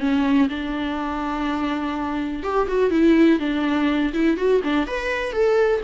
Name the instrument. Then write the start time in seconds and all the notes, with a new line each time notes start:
viola
0.00 C#4
0.49 D4
2.43 G4
2.68 F#4
2.91 E4
3.39 D4
4.14 E4
4.37 F#4
4.64 D4
4.87 B4
5.33 A4